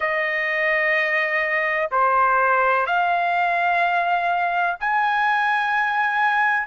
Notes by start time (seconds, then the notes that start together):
0.00 D#5
1.90 C5
2.86 F5
4.80 G#5